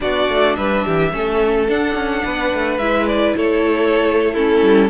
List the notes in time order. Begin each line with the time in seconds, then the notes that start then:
0.00 B3 D4 F#4 D5
0.28 A3
0.55 G3 B4 E5
0.84 E3 G4
1.12 A3 C#4 A4
1.68 D4 F#5
1.94 C#4
2.24 B3 B4
2.53 A3
2.77 G#3 E4 E5
3.06 D5
3.36 A3 A4 C#5
4.33 C#4 E4 A4
4.61 G3